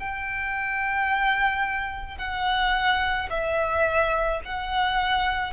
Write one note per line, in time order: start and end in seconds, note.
0.00 2.18 G5
2.18 3.29 F#5
3.30 4.41 E5
4.45 5.54 F#5